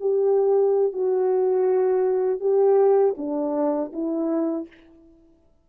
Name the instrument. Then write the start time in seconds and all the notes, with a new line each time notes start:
horn
0.00 G4
0.93 F#4
2.40 G4
3.17 D4
3.93 E4